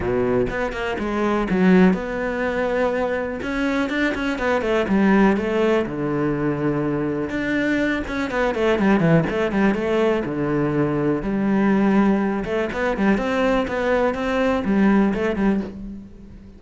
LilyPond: \new Staff \with { instrumentName = "cello" } { \time 4/4 \tempo 4 = 123 b,4 b8 ais8 gis4 fis4 | b2. cis'4 | d'8 cis'8 b8 a8 g4 a4 | d2. d'4~ |
d'8 cis'8 b8 a8 g8 e8 a8 g8 | a4 d2 g4~ | g4. a8 b8 g8 c'4 | b4 c'4 g4 a8 g8 | }